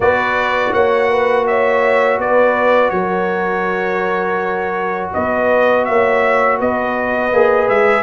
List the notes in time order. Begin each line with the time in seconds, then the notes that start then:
0.00 B3 F#4 B4 D5
0.72 A#3 C#5 F#5
1.10 B4
1.46 C#5 E5
2.18 B3 B4 D5
2.90 F#3 A#4 C#5
5.13 B3 B4 D#5
5.84 A#3 C#5 E5
6.58 B3 B4 D#5
7.32 A#3 G#4
7.68 G#3 E5